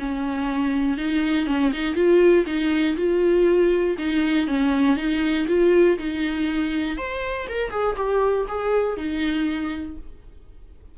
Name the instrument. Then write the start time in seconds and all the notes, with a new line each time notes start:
viola
0.00 C#4
0.98 D#4
1.47 C#4
1.73 D#4
1.95 F4
2.47 D#4
2.97 F4
3.99 D#4
4.48 C#4
4.97 D#4
5.48 F4
5.98 D#4
6.98 C5
7.49 A#4
7.71 G#4
7.97 G4
8.49 G#4
8.97 D#4